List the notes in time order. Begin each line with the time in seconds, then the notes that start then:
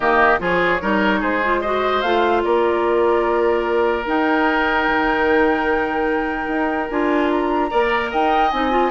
0.00 D#3 A#3 G4 D#5
0.39 F3 F4 G#4 C#5
0.81 G3 D#4 A#4
1.20 G#3 G#4 C5
1.44 F4
1.61 F#4 C5 D#5
2.01 A3 F4 F5
2.43 A#3 A#4 D5
4.05 D#4 G5
4.87 D#3
6.47 D#4
6.90 D4 F4 G#5
7.31 A#5
7.70 A#3 A#4 D5
8.10 D#4 D#5 G5
8.51 C4 D#4 G#5
8.70 F4